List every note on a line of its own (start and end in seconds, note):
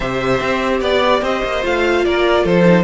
0.00 0.40 C3
0.00 1.62 G4
0.00 0.80 C5
0.00 0.81 E5
0.40 0.81 C4
0.80 1.21 B3
0.80 1.21 D5
0.80 1.24 D5
1.21 1.42 C4
1.21 2.04 C5
1.21 1.65 D#5
1.44 1.64 A#3
1.62 2.05 A3
1.62 2.64 F4
1.62 2.05 F5
2.05 2.44 A#3
2.05 2.43 A#4
2.05 2.45 D5
2.43 2.84 F3
2.43 2.84 A4
2.43 2.84 C5
2.65 2.84 D#4